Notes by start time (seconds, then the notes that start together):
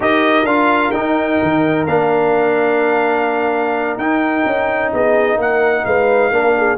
0.00 D#4 G4 A#4 D#5
0.43 D4 F4 F5
0.91 D#4 G5
1.42 D#3
1.86 A#3 D4 F5
3.97 D#4 G5
4.45 C#4
4.92 B3 G#4 D#5
5.37 A#3 A#4 F#5
5.85 G#3 B4 F5
6.31 A#3 D4 A#4
6.57 G#4